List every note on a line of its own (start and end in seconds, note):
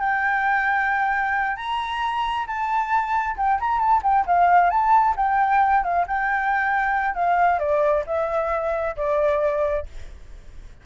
0.00 1.57 G5
1.57 2.47 A#5
2.47 3.37 A5
3.37 3.60 G5
3.60 3.80 A#5
3.80 4.02 A5
4.03 4.26 G5
4.27 4.71 F5
4.71 5.15 A5
5.17 5.84 G5
5.84 6.06 F5
6.08 7.15 G5
7.15 7.60 F5
7.60 8.04 D5
8.07 8.97 E5
8.97 9.86 D5